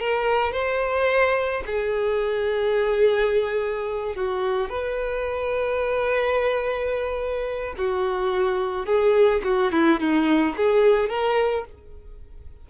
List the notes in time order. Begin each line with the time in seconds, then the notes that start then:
0.00 A#4
0.52 C5
1.66 G#4
4.16 F#4
4.69 B4
7.77 F#4
8.86 G#4
9.44 F#4
9.72 E4
10.00 D#4
10.57 G#4
11.09 A#4